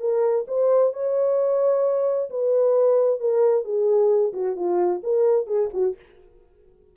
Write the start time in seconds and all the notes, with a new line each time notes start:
0.00 A#4
0.48 C5
0.93 C#5
2.30 B4
3.20 A#4
3.64 G#4
4.33 F#4
4.56 F4
5.03 A#4
5.47 G#4
5.74 F#4